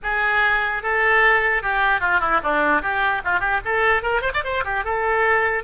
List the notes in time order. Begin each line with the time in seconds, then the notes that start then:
0.02 G#4
0.82 A4
1.62 G4
2.00 F4
2.20 E4
2.43 D4
2.82 G4
3.24 F4
3.40 G4
3.64 A4
4.02 A#4
4.21 C5
4.33 D5
4.43 C5
4.64 G4
4.84 A4